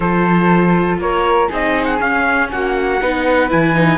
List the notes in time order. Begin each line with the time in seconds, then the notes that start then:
0.00 F3 F4 A4 C5
0.98 A#3 A#4 C#5
1.48 C4 D#4 G#4 D#5
1.84 F#5
1.98 C#4 F5
2.51 A#3 F#4 F#5
3.01 B3 D#4 B4
3.50 E3 E4 G#5
3.74 D#4